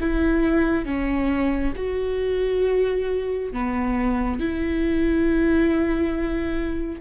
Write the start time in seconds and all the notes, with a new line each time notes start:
0.00 E4
0.85 C#4
1.75 F#4
3.52 B3
4.39 E4